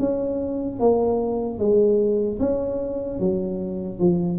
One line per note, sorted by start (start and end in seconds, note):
0.00 0.80 C#4
0.80 1.59 A#3
1.59 2.39 G#3
2.40 3.20 C#4
3.20 4.00 F#3
4.00 4.39 F3